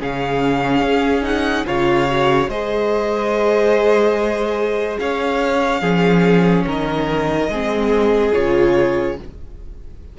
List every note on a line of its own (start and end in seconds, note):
0.00 0.82 C#3
0.00 1.23 C#4
0.00 1.67 G#4
0.00 1.24 F5
0.82 1.65 C#4
1.23 1.64 D#4
1.23 1.66 F#5
1.67 2.48 C#3
1.67 2.08 F4
1.67 2.49 C#5
1.67 2.50 F5
2.09 2.50 F#4
2.48 4.98 G#3
2.48 5.81 G#4
2.48 4.99 C5
2.48 4.99 D#5
4.99 5.82 C#4
4.99 5.81 C#5
4.99 6.66 F5
5.81 6.65 F3
5.81 7.48 C#4
5.81 6.65 G#4
6.66 7.49 D#3
6.66 7.50 A#4
6.66 8.34 D#5
7.49 8.32 G#3
7.49 8.33 C4
7.49 9.17 G#4
8.33 9.19 C#3
8.33 9.16 F4
8.33 9.18 C#5